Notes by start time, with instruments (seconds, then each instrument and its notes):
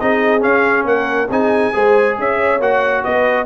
0.00 tuba C4, trombone D#4, horn G#4, trumpet D#5
0.41 trombone C#4, tuba C#4, trumpet F5
0.85 tuba A#3, horn A#4, trumpet F#5
1.30 tuba C4, trombone D#4, horn G#4, trumpet G#5
1.73 tuba G#3, trombone G#4, horn C5
2.19 tuba C#4, horn C#5, trumpet E5
2.60 tuba A#3, trombone F#4, trumpet F#5
3.04 tuba B3, horn B4, trumpet D#5